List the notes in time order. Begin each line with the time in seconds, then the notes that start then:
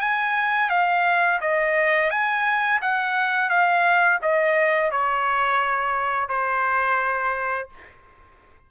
0.00 G#5
0.69 F5
1.41 D#5
2.10 G#5
2.81 F#5
3.49 F5
4.22 D#5
4.91 C#5
6.29 C5